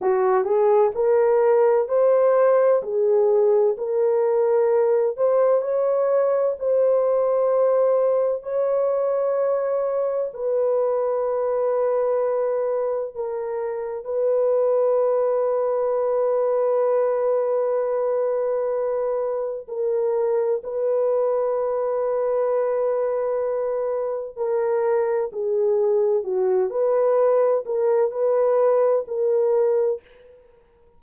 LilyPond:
\new Staff \with { instrumentName = "horn" } { \time 4/4 \tempo 4 = 64 fis'8 gis'8 ais'4 c''4 gis'4 | ais'4. c''8 cis''4 c''4~ | c''4 cis''2 b'4~ | b'2 ais'4 b'4~ |
b'1~ | b'4 ais'4 b'2~ | b'2 ais'4 gis'4 | fis'8 b'4 ais'8 b'4 ais'4 | }